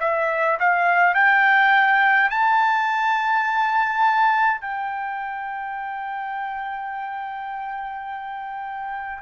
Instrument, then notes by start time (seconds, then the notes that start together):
trumpet
0.00 E5
0.60 F5
1.14 G5
2.30 A5
4.61 G5